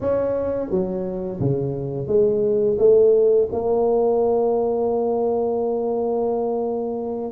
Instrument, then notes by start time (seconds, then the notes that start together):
tuba
0.00 C#4
0.69 F#3
1.40 C#3
2.07 G#3
2.78 A3
3.52 A#3